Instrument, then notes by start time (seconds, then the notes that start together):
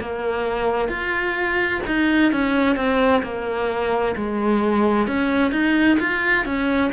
cello
0.00 A#3
0.88 F4
1.87 D#4
2.32 C#4
2.76 C4
3.22 A#3
4.15 G#3
5.07 C#4
5.51 D#4
5.99 F4
6.45 C#4